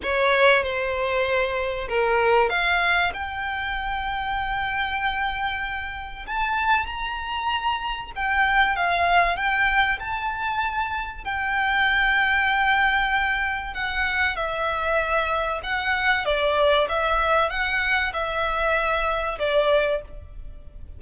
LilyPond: \new Staff \with { instrumentName = "violin" } { \time 4/4 \tempo 4 = 96 cis''4 c''2 ais'4 | f''4 g''2.~ | g''2 a''4 ais''4~ | ais''4 g''4 f''4 g''4 |
a''2 g''2~ | g''2 fis''4 e''4~ | e''4 fis''4 d''4 e''4 | fis''4 e''2 d''4 | }